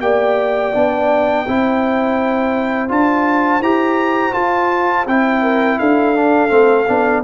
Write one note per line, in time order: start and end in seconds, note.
0.00 0.72 A#3
0.00 0.74 G4
0.00 1.46 D5
0.00 2.89 G5
0.74 1.47 B3
0.74 1.46 D4
1.46 2.90 C4
1.46 2.88 E4
1.46 5.41 C5
2.88 3.59 D4
2.88 3.60 F4
2.88 3.62 A5
3.59 4.31 E4
3.59 4.32 G4
3.59 4.33 A#5
4.32 5.04 F4
4.32 5.06 F4
4.32 5.06 A5
5.06 5.78 C4
5.06 6.15 E4
5.06 5.78 G5
5.41 5.77 A#4
5.78 6.50 D4
5.78 7.23 A4
5.78 7.23 F5
6.15 6.48 D4
6.48 6.86 A3
6.48 6.84 C4
6.87 7.23 B3
6.87 7.23 D4